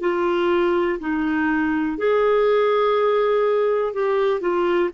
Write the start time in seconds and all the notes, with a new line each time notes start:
0.00 F4
0.99 D#4
1.98 G#4
3.93 G4
4.40 F4